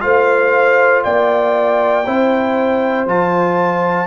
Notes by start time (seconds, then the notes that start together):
0.00 A3 F4 C5 F5
1.03 A#3 D5 G5
2.06 C4 E4 C5
3.06 F3 F4 A5